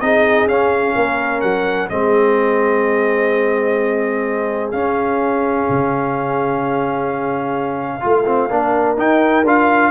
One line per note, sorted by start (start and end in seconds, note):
0.00 0.46 C4
0.00 0.49 D#4
0.00 0.95 G#4
0.00 0.47 D#5
0.46 0.93 C#4
0.46 1.90 C#4
0.46 1.41 F5
0.95 1.42 A#3
0.95 1.89 A#4
1.41 1.90 F#3
1.41 1.88 F#5
1.89 4.73 G#3
1.89 4.73 C4
1.89 8.03 G#4
1.89 4.71 D#5
4.71 5.67 C#4
4.71 8.01 C#4
4.71 8.96 F5
5.69 8.04 C#3
8.01 8.50 A3
8.01 8.24 F4
8.01 8.50 F4
8.25 8.49 C4
8.50 8.97 A#3
8.50 8.96 D4
8.50 9.90 A#4
8.96 9.44 D#4
8.96 9.46 G5
9.44 9.90 D4
9.44 9.90 F4
9.44 9.90 F5